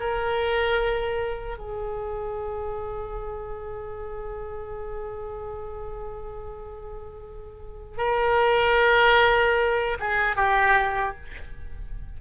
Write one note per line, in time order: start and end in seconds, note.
0.00 1.58 A#4
1.58 7.97 G#4
7.97 9.97 A#4
10.00 10.36 G#4
10.36 11.16 G4